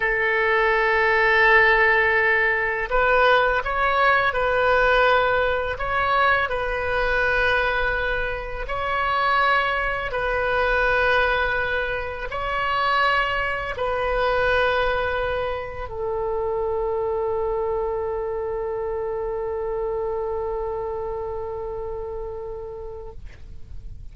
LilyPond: \new Staff \with { instrumentName = "oboe" } { \time 4/4 \tempo 4 = 83 a'1 | b'4 cis''4 b'2 | cis''4 b'2. | cis''2 b'2~ |
b'4 cis''2 b'4~ | b'2 a'2~ | a'1~ | a'1 | }